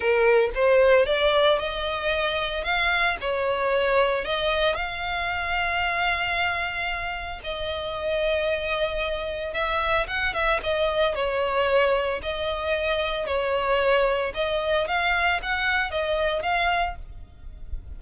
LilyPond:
\new Staff \with { instrumentName = "violin" } { \time 4/4 \tempo 4 = 113 ais'4 c''4 d''4 dis''4~ | dis''4 f''4 cis''2 | dis''4 f''2.~ | f''2 dis''2~ |
dis''2 e''4 fis''8 e''8 | dis''4 cis''2 dis''4~ | dis''4 cis''2 dis''4 | f''4 fis''4 dis''4 f''4 | }